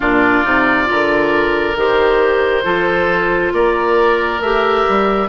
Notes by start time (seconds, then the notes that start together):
0.00 A#2 D4 F4 D5
0.44 C3 D#4
0.85 D3 F4 A#4
1.75 D#3 G4 C5
2.63 F3 F4 A4
3.52 A#3 A#4 D5
4.40 A3 G4 E5
4.88 G3